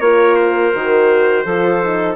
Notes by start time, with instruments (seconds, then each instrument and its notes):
0.00 bassoon A#3, horn F4, clarinet A#4, trumpet C#5
0.35 trumpet C5
0.73 bassoon D#3, horn F#4
1.44 bassoon F3, horn F4, clarinet A4
1.83 horn D#4